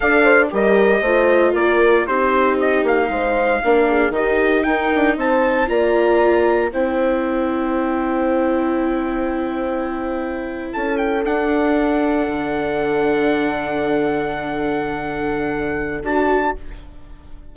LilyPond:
<<
  \new Staff \with { instrumentName = "trumpet" } { \time 4/4 \tempo 4 = 116 f''4 dis''2 d''4 | c''4 dis''8 f''2~ f''8 | dis''4 g''4 a''4 ais''4~ | ais''4 g''2.~ |
g''1~ | g''8. a''8 g''8 fis''2~ fis''16~ | fis''1~ | fis''2. a''4 | }
  \new Staff \with { instrumentName = "horn" } { \time 4/4 d''8 c''8 ais'4 c''4 ais'4 | g'2 c''4 ais'8 gis'8 | g'4 ais'4 c''4 d''4~ | d''4 c''2.~ |
c''1~ | c''8. a'2.~ a'16~ | a'1~ | a'1 | }
  \new Staff \with { instrumentName = "viola" } { \time 4/4 a'4 g'4 f'2 | dis'2. d'4 | dis'2. f'4~ | f'4 e'2.~ |
e'1~ | e'4.~ e'16 d'2~ d'16~ | d'1~ | d'2. fis'4 | }
  \new Staff \with { instrumentName = "bassoon" } { \time 4/4 d'4 g4 a4 ais4 | c'4. ais8 gis4 ais4 | dis4 dis'8 d'8 c'4 ais4~ | ais4 c'2.~ |
c'1~ | c'8. cis'4 d'2 d16~ | d1~ | d2. d'4 | }
>>